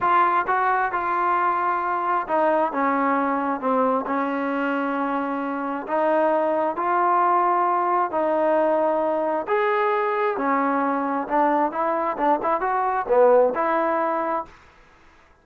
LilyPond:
\new Staff \with { instrumentName = "trombone" } { \time 4/4 \tempo 4 = 133 f'4 fis'4 f'2~ | f'4 dis'4 cis'2 | c'4 cis'2.~ | cis'4 dis'2 f'4~ |
f'2 dis'2~ | dis'4 gis'2 cis'4~ | cis'4 d'4 e'4 d'8 e'8 | fis'4 b4 e'2 | }